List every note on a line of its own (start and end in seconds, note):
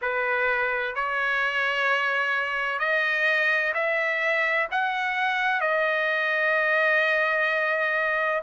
0.01 0.95 B4
0.95 2.79 C#5
2.79 3.73 D#5
3.74 4.67 E5
4.71 5.60 F#5
5.60 8.42 D#5